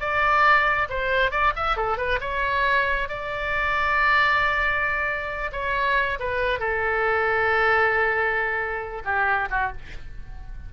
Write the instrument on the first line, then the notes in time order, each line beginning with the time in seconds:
oboe
0.00 D5
0.89 C5
1.31 D5
1.56 E5
1.76 A4
1.97 B4
2.21 C#5
3.08 D5
5.52 C#5
6.19 B4
6.59 A4
9.04 G4
9.50 F#4